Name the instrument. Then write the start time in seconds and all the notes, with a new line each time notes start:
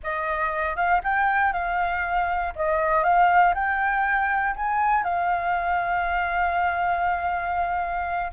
flute
0.03 D#5
0.76 F5
1.03 G5
1.52 F5
2.55 D#5
3.03 F5
3.54 G5
4.56 G#5
5.03 F5